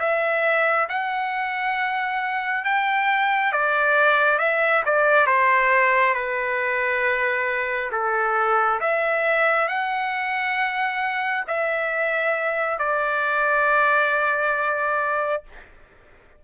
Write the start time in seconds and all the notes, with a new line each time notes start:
0.00 E5
0.89 F#5
2.65 G5
3.53 D5
4.39 E5
4.86 D5
5.27 C5
6.14 B4
7.92 A4
8.80 E5
9.69 F#5
11.48 E5
12.79 D5